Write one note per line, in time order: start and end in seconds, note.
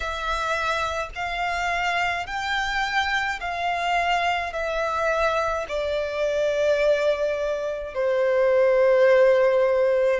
0.00 1.09 E5
1.15 2.26 F5
2.26 3.39 G5
3.40 4.52 F5
4.52 5.66 E5
5.68 7.94 D5
7.94 10.20 C5